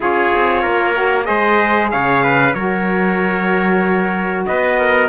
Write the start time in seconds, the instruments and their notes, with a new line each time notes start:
0.00 cello C#4, saxophone F4, trumpet G#4 C#5
0.34 cello C4
0.61 cello A#3, trumpet A#4
0.94 saxophone F#4
1.23 cello G#3, saxophone G#4, trumpet C5 D#5
1.91 cello C#3, trumpet C#5 F5
2.23 trumpet B4
2.53 cello F#3, saxophone F#4, trumpet A#4 C#5
4.46 cello B3, trumpet B4 D#5
4.79 trumpet A#4